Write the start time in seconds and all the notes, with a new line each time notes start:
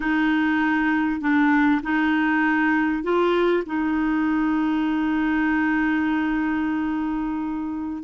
0.00 D#4
1.20 D4
1.82 D#4
3.03 F4
3.66 D#4